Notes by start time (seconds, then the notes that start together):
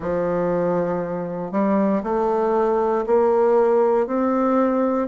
0.00 F3
1.51 G3
2.03 A3
3.06 A#3
4.07 C4